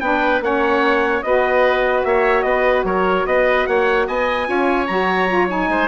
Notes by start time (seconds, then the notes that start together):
0.00 B3 D4 B4 G5
0.40 A#3 C#4 C#5 F#5
1.22 B3 F#4 B4 D#5
2.04 A#3 C#5 E5
2.41 B3 B4 D#5
2.84 F#3 A#4 C#5
3.26 B3 B4 D#5
3.66 A#3 C#5 F#5
4.07 B3 D#5 G#5
4.45 C#4 F4 C#5
4.87 F#3 F#4 A#5
5.29 F4
5.49 D#4 G#5
5.68 G#3 C5